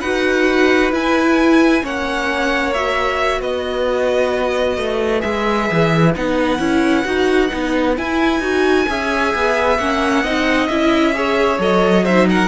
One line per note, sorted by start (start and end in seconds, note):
0.00 0.92 D#4
0.00 0.92 F#4
0.00 1.82 B4
0.00 0.91 F#5
0.92 1.82 E4
0.92 1.83 E4
0.92 1.85 G#5
1.82 3.41 A#3
1.82 2.73 C#4
1.82 3.40 C#5
1.82 2.73 F#5
2.73 5.20 F#4
2.73 3.41 E5
3.40 4.77 B3
3.40 8.85 B4
3.40 5.21 D#5
4.77 5.22 A3
5.20 5.70 G#3
5.20 6.11 G#4
5.20 6.12 E5
5.71 6.16 E3
6.15 6.59 B3
6.15 6.59 D#4
6.15 7.97 F#5
6.59 7.05 C#4
6.59 7.04 E4
7.04 7.50 D#4
7.04 7.49 F#4
7.49 7.98 B3
7.49 7.94 D#4
7.97 8.41 E4
7.97 8.40 E4
7.97 9.78 G#5
8.40 8.85 D#4
8.40 8.87 F#4
8.88 9.34 C#4
8.88 9.79 G#4
8.88 10.23 E5
9.35 9.79 B3
9.78 10.23 A#3
9.78 10.24 C#4
9.78 10.67 F#5
10.23 10.69 C4
10.23 10.70 D#4
10.23 11.14 D#5
10.67 11.59 C#4
10.67 11.14 E4
10.67 11.58 E5
11.14 11.59 G#4
11.14 12.04 C#5
11.59 12.48 F#3
11.59 12.05 A4
11.59 12.05 D#5
12.04 12.48 D#4
12.04 12.27 C5
12.04 12.28 E5
12.29 12.48 A#4
12.29 12.48 F#5